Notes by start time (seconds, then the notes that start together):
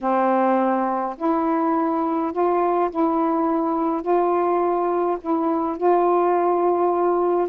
0.00 C4
1.17 E4
2.32 F4
2.90 E4
4.02 F4
5.21 E4
5.77 F4